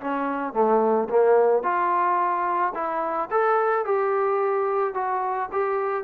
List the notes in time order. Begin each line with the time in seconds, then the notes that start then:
0.00 C#4
0.53 A3
1.09 A#3
1.63 F4
2.74 E4
3.30 A4
3.85 G4
4.94 F#4
5.52 G4